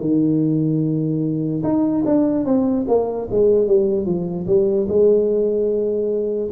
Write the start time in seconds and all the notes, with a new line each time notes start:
0.00 D#3
1.63 D#4
2.05 D4
2.45 C4
2.87 A#3
3.30 G#3
3.67 G3
4.05 F3
4.46 G3
4.88 G#3